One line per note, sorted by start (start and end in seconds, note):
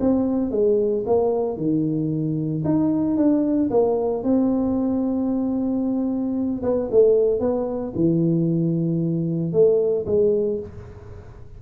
0.00 0.51 C4
0.51 1.04 G#3
1.06 1.57 A#3
1.57 2.63 D#3
2.65 3.17 D#4
3.17 3.70 D4
3.70 4.23 A#3
4.23 6.62 C4
6.63 6.89 B3
6.91 7.40 A3
7.40 7.93 B3
7.95 9.52 E3
9.52 10.05 A3
10.06 10.59 G#3